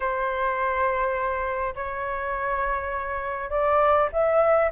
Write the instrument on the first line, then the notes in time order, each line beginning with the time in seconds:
flute
0.00 C5
1.75 C#5
3.50 D5
4.12 E5